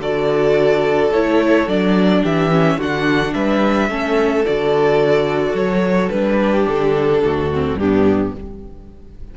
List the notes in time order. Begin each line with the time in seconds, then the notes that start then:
0.00 D3 F#4 A4 D5
1.12 A3 E4 C#5
1.68 F#3 D4 D5
2.22 E3 G4 E5
2.51 C#4
2.77 D3 D4 F#4 F#5
3.34 G3 B4 E5
3.90 A3 C#4 A4
4.46 D3 F#4 D5
5.54 F#3 C#5
6.10 G3 D4 B4
6.39 G4
6.68 D3 A4
7.25 D2 F#4
7.52 C4
7.76 G2 B3 D4 G4